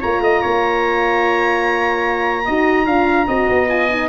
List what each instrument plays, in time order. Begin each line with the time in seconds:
0.00 tuba A#3, horn F4, trumpet C#5, oboe A#5
0.20 tuba A3, trumpet D#5
0.41 tuba A#3, trumpet C#5
2.45 tuba D#4, horn F#4, trumpet D#5
2.86 tuba D4, horn F4, trumpet F5
3.27 tuba C4, horn F#4, trumpet D#5
3.48 tuba B3
3.68 horn F4, oboe G#5
3.90 horn D#4